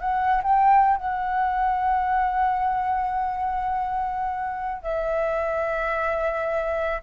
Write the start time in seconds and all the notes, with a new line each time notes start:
0.00 F#5
0.43 G5
0.97 F#5
4.82 E5